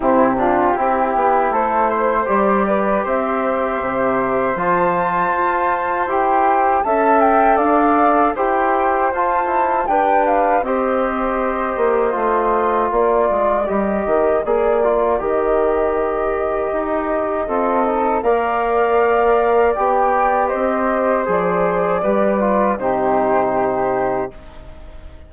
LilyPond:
<<
  \new Staff \with { instrumentName = "flute" } { \time 4/4 \tempo 4 = 79 g'2 c''4 d''4 | e''2 a''2 | g''4 a''8 g''8 f''4 g''4 | a''4 g''8 f''8 dis''2~ |
dis''4 d''4 dis''4 d''4 | dis''1 | f''2 g''4 dis''4 | d''2 c''2 | }
  \new Staff \with { instrumentName = "flute" } { \time 4/4 e'8 f'8 g'4 a'8 c''4 b'8 | c''1~ | c''4 e''4 d''4 c''4~ | c''4 b'4 c''2~ |
c''4 ais'2.~ | ais'2. a'4 | d''2. c''4~ | c''4 b'4 g'2 | }
  \new Staff \with { instrumentName = "trombone" } { \time 4/4 c'8 d'8 e'2 g'4~ | g'2 f'2 | g'4 a'2 g'4 | f'8 e'8 d'4 g'2 |
f'2 g'4 gis'8 f'8 | g'2. f'8 dis'8 | ais'2 g'2 | gis'4 g'8 f'8 dis'2 | }
  \new Staff \with { instrumentName = "bassoon" } { \time 4/4 c4 c'8 b8 a4 g4 | c'4 c4 f4 f'4 | e'4 cis'4 d'4 e'4 | f'4 g'4 c'4. ais8 |
a4 ais8 gis8 g8 dis8 ais4 | dis2 dis'4 c'4 | ais2 b4 c'4 | f4 g4 c2 | }
>>